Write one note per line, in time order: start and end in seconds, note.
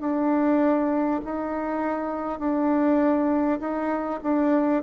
0.00 1.20 D4
1.24 2.39 D#4
2.39 3.59 D4
3.60 4.20 D#4
4.23 4.83 D4